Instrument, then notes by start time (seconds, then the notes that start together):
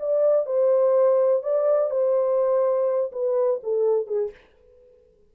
horn
0.00 D5
0.46 C5
1.43 D5
1.91 C5
3.12 B4
3.63 A4
4.07 G#4